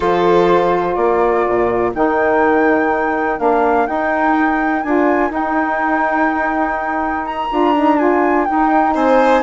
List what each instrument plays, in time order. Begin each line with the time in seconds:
0.00 bassoon F3, saxophone F4, violin A4, flute C5
0.94 bassoon A#3, violin A#4, flute D5
1.48 bassoon A#2
1.94 bassoon D#3, saxophone D#4, flute G5
3.38 bassoon A#3, saxophone D4, flute F5
3.86 saxophone D#4, bassoon D#4, flute G5
4.83 bassoon D4, saxophone F4, flute G#5
5.29 saxophone D#4, bassoon D#4, flute G5
7.25 flute A#5
7.50 bassoon D4, saxophone F4
7.75 saxophone D#4
7.98 saxophone F4, flute G#5
8.44 saxophone D#4, bassoon D#4, flute G5
8.94 bassoon C4, violin C5, flute G#5